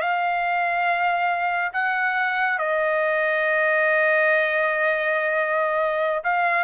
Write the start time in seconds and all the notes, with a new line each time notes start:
0.00 F5
1.73 F#5
2.58 D#5
6.23 F5